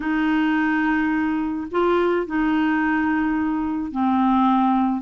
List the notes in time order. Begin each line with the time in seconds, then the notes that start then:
0.00 D#4
1.71 F4
2.26 D#4
3.91 C4